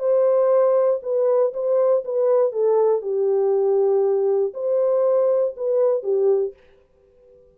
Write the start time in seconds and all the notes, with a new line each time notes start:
0.00 C5
1.03 B4
1.54 C5
2.05 B4
2.53 A4
3.02 G4
4.54 C5
5.57 B4
6.03 G4